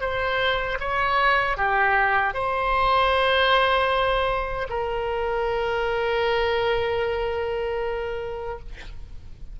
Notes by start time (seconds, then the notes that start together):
0.00 C5
0.79 C#5
1.57 G4
2.33 C5
4.69 A#4